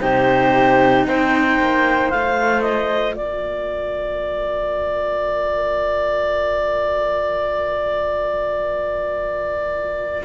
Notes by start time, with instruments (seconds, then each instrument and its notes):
0.00 cello C3 D#4, flute G4, clarinet C5
1.07 cello C4, flute C5, clarinet G5
1.60 cello A#3
2.09 cello A3 F4, clarinet F5
2.62 clarinet D#5
3.15 cello A#3, flute A#4, clarinet D5